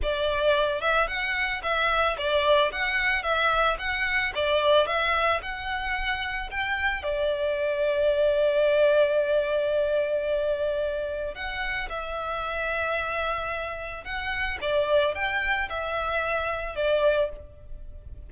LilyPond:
\new Staff \with { instrumentName = "violin" } { \time 4/4 \tempo 4 = 111 d''4. e''8 fis''4 e''4 | d''4 fis''4 e''4 fis''4 | d''4 e''4 fis''2 | g''4 d''2.~ |
d''1~ | d''4 fis''4 e''2~ | e''2 fis''4 d''4 | g''4 e''2 d''4 | }